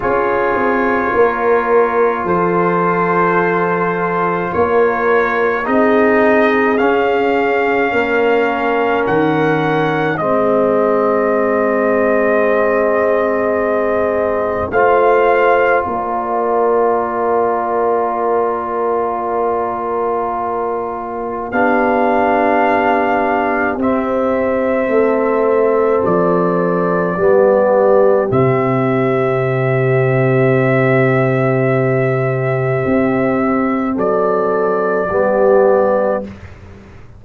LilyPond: <<
  \new Staff \with { instrumentName = "trumpet" } { \time 4/4 \tempo 4 = 53 cis''2 c''2 | cis''4 dis''4 f''2 | fis''4 dis''2.~ | dis''4 f''4 d''2~ |
d''2. f''4~ | f''4 e''2 d''4~ | d''4 e''2.~ | e''2 d''2 | }
  \new Staff \with { instrumentName = "horn" } { \time 4/4 gis'4 ais'4 a'2 | ais'4 gis'2 ais'4~ | ais'4 gis'2.~ | gis'4 c''4 ais'2~ |
ais'2. g'4~ | g'2 a'2 | g'1~ | g'2 a'4 g'4 | }
  \new Staff \with { instrumentName = "trombone" } { \time 4/4 f'1~ | f'4 dis'4 cis'2~ | cis'4 c'2.~ | c'4 f'2.~ |
f'2. d'4~ | d'4 c'2. | b4 c'2.~ | c'2. b4 | }
  \new Staff \with { instrumentName = "tuba" } { \time 4/4 cis'8 c'8 ais4 f2 | ais4 c'4 cis'4 ais4 | dis4 gis2.~ | gis4 a4 ais2~ |
ais2. b4~ | b4 c'4 a4 f4 | g4 c2.~ | c4 c'4 fis4 g4 | }
>>